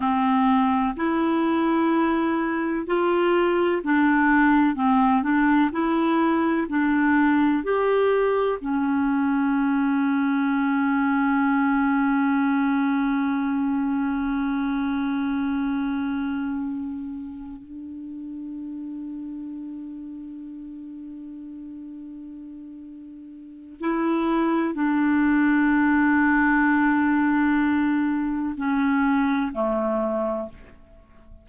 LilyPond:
\new Staff \with { instrumentName = "clarinet" } { \time 4/4 \tempo 4 = 63 c'4 e'2 f'4 | d'4 c'8 d'8 e'4 d'4 | g'4 cis'2.~ | cis'1~ |
cis'2~ cis'8 d'4.~ | d'1~ | d'4 e'4 d'2~ | d'2 cis'4 a4 | }